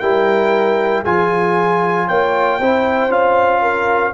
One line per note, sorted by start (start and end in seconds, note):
0.00 1.05 G3
0.00 1.05 E4
0.00 1.02 A#4
0.00 1.03 G5
1.02 2.09 F3
1.02 2.61 F4
1.02 2.06 G#4
1.02 2.08 G#5
2.08 2.60 A#3
2.08 2.60 C#5
2.08 3.12 G5
2.60 3.08 C4
2.60 3.11 E4
2.60 3.62 C5
3.08 4.12 C#4
3.08 4.14 F4
3.08 4.14 F5
3.62 4.14 A#4